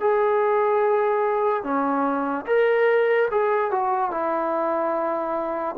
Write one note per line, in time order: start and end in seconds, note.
0.00 1.63 G#4
1.63 2.45 C#4
2.46 3.28 A#4
3.31 3.71 G#4
3.71 4.11 F#4
4.11 5.75 E4